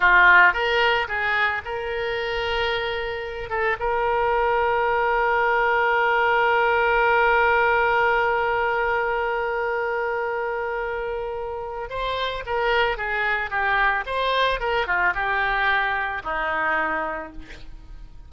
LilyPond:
\new Staff \with { instrumentName = "oboe" } { \time 4/4 \tempo 4 = 111 f'4 ais'4 gis'4 ais'4~ | ais'2~ ais'8 a'8 ais'4~ | ais'1~ | ais'1~ |
ais'1~ | ais'2 c''4 ais'4 | gis'4 g'4 c''4 ais'8 f'8 | g'2 dis'2 | }